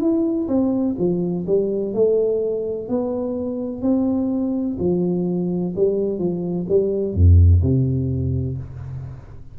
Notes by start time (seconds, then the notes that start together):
0.00 E4
0.48 C4
0.98 F3
1.47 G3
1.94 A3
2.89 B3
3.82 C4
4.79 F3
5.76 G3
6.19 F3
6.69 G3
7.15 F2
7.62 C3